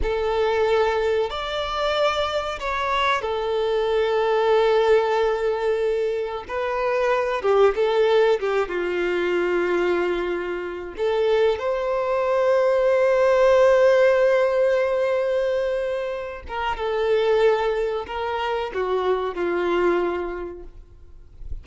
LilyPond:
\new Staff \with { instrumentName = "violin" } { \time 4/4 \tempo 4 = 93 a'2 d''2 | cis''4 a'2.~ | a'2 b'4. g'8 | a'4 g'8 f'2~ f'8~ |
f'4 a'4 c''2~ | c''1~ | c''4. ais'8 a'2 | ais'4 fis'4 f'2 | }